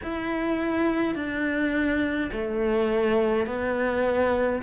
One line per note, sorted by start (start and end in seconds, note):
0.03 1.15 E4
1.15 2.30 D4
2.31 3.46 A3
3.46 4.62 B3